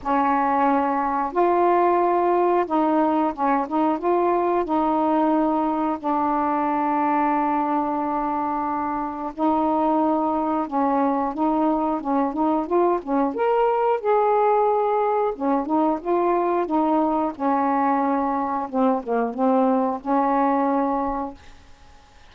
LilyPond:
\new Staff \with { instrumentName = "saxophone" } { \time 4/4 \tempo 4 = 90 cis'2 f'2 | dis'4 cis'8 dis'8 f'4 dis'4~ | dis'4 d'2.~ | d'2 dis'2 |
cis'4 dis'4 cis'8 dis'8 f'8 cis'8 | ais'4 gis'2 cis'8 dis'8 | f'4 dis'4 cis'2 | c'8 ais8 c'4 cis'2 | }